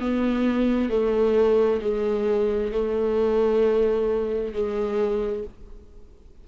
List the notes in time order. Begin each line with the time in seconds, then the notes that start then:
0.00 B3
0.90 A3
1.81 G#3
2.72 A3
4.53 G#3